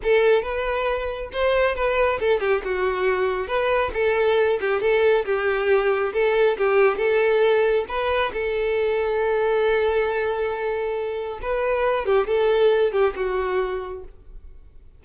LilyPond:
\new Staff \with { instrumentName = "violin" } { \time 4/4 \tempo 4 = 137 a'4 b'2 c''4 | b'4 a'8 g'8 fis'2 | b'4 a'4. g'8 a'4 | g'2 a'4 g'4 |
a'2 b'4 a'4~ | a'1~ | a'2 b'4. g'8 | a'4. g'8 fis'2 | }